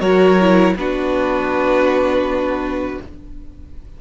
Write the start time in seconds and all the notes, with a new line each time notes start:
0.00 F#3 F#4 A#4 C#5
0.40 E4
0.75 B3 D4 F#4 B4